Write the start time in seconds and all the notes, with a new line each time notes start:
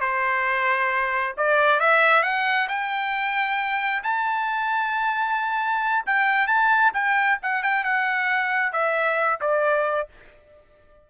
0.00 C5
1.37 D5
1.80 E5
2.23 F#5
2.68 G5
4.03 A5
6.06 G5
6.47 A5
6.93 G5
7.42 F#5
7.63 G5
7.84 F#5
8.72 E5
9.41 D5